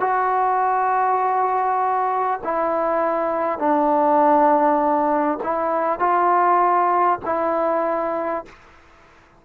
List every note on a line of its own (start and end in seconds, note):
0.00 2.40 F#4
2.44 3.59 E4
3.59 5.39 D4
5.43 5.99 E4
5.99 7.19 F4
7.25 8.45 E4